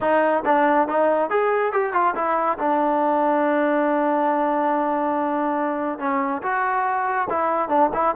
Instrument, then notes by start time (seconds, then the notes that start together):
trombone
0.00 D#4
0.45 D4
0.88 D#4
1.30 G#4
1.72 G4
1.93 F4
2.15 E4
2.58 D4
5.99 C#4
6.42 F#4
7.29 E4
7.68 D4
7.93 E4